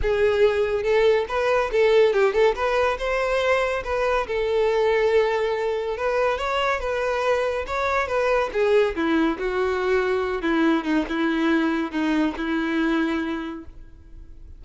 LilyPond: \new Staff \with { instrumentName = "violin" } { \time 4/4 \tempo 4 = 141 gis'2 a'4 b'4 | a'4 g'8 a'8 b'4 c''4~ | c''4 b'4 a'2~ | a'2 b'4 cis''4 |
b'2 cis''4 b'4 | gis'4 e'4 fis'2~ | fis'8 e'4 dis'8 e'2 | dis'4 e'2. | }